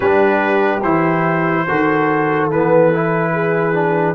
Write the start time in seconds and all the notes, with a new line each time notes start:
0.00 G3 D4 G4 B4
0.82 E3 E4 C5
1.67 D#3 F#4 A4
2.50 E3 B3 B4
2.93 E4
3.33 G#4
3.73 D4